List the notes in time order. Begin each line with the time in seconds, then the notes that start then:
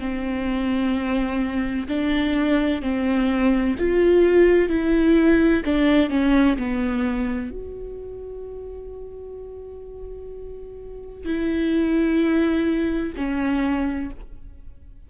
0.00 C4
1.88 D4
2.82 C4
3.79 F4
4.69 E4
5.65 D4
6.10 C#4
6.58 B3
7.51 F#4
11.25 E4
13.17 C#4